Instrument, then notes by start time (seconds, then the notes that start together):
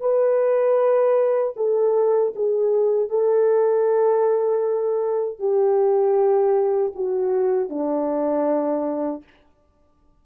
horn
0.00 B4
1.56 A4
2.35 G#4
3.09 A4
5.39 G4
6.95 F#4
7.69 D4